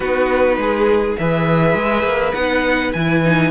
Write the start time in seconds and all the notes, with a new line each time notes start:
0.00 B3 D#4 F#4 B4
0.57 G#3 G#4
1.17 E3 G#4 B4 E5
1.74 G#3
2.03 A#3
2.33 B3 D#4 F#5
2.92 E3 E4 G#5
3.24 D#4